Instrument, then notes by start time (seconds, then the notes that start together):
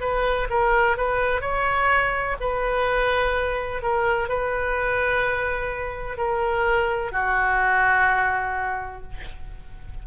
oboe
0.00 B4
0.49 A#4
0.97 B4
1.41 C#5
2.40 B4
3.82 A#4
4.29 B4
6.17 A#4
7.12 F#4